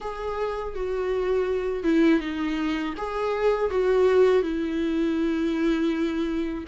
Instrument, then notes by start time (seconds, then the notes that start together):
viola
0.00 G#4
0.74 F#4
1.83 E4
2.20 D#4
2.97 G#4
3.70 F#4
4.42 E4